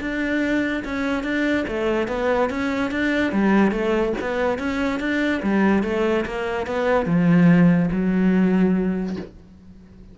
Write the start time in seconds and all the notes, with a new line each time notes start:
0.00 D4
0.84 C#4
1.23 D4
1.68 A3
2.08 B3
2.50 C#4
2.91 D4
3.32 G3
3.71 A3
4.21 B3
4.58 C#4
5.00 D4
5.43 G3
5.83 A3
6.25 A#3
6.66 B3
7.06 F3
7.91 F#3